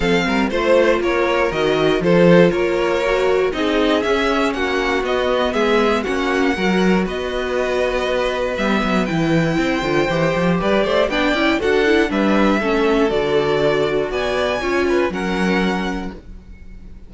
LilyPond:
<<
  \new Staff \with { instrumentName = "violin" } { \time 4/4 \tempo 4 = 119 f''4 c''4 cis''4 dis''4 | c''4 cis''2 dis''4 | e''4 fis''4 dis''4 e''4 | fis''2 dis''2~ |
dis''4 e''4 g''2~ | g''4 d''4 g''4 fis''4 | e''2 d''2 | gis''2 fis''2 | }
  \new Staff \with { instrumentName = "violin" } { \time 4/4 a'8 ais'8 c''4 ais'2 | a'4 ais'2 gis'4~ | gis'4 fis'2 gis'4 | fis'4 ais'4 b'2~ |
b'2. c''4~ | c''4 b'8 c''8 d''4 a'4 | b'4 a'2. | d''4 cis''8 b'8 ais'2 | }
  \new Staff \with { instrumentName = "viola" } { \time 4/4 c'4 f'2 fis'4 | f'2 fis'4 dis'4 | cis'2 b2 | cis'4 fis'2.~ |
fis'4 b4 e'4. f'8 | g'2 d'8 e'8 fis'8 e'8 | d'4 cis'4 fis'2~ | fis'4 f'4 cis'2 | }
  \new Staff \with { instrumentName = "cello" } { \time 4/4 f8 g8 a4 ais4 dis4 | f4 ais2 c'4 | cis'4 ais4 b4 gis4 | ais4 fis4 b2~ |
b4 g8 fis8 e4 c'8 d8 | e8 f8 g8 a8 b8 cis'8 d'4 | g4 a4 d2 | b4 cis'4 fis2 | }
>>